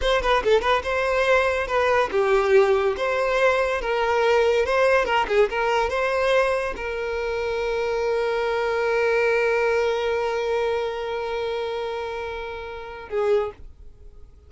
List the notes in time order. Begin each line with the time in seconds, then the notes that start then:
0.01 C5
0.22 B4
0.44 A4
0.61 B4
0.83 C5
1.67 B4
2.11 G4
2.97 C5
3.81 A#4
4.65 C5
5.05 A#4
5.28 G#4
5.49 A#4
5.89 C5
6.76 A#4
13.08 G#4